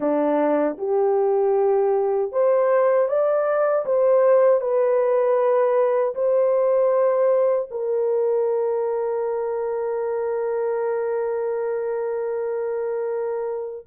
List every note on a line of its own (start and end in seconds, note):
0.00 0.77 D4
0.78 2.31 G4
2.31 3.08 C5
3.08 3.85 D5
3.85 4.60 C5
4.60 6.14 B4
6.15 7.69 C5
7.71 13.86 A#4